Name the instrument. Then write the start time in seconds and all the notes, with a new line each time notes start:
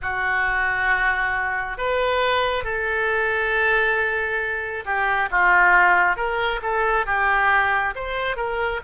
oboe
0.02 F#4
1.77 B4
2.64 A4
4.85 G4
5.31 F4
6.16 A#4
6.62 A4
7.06 G4
7.95 C5
8.36 A#4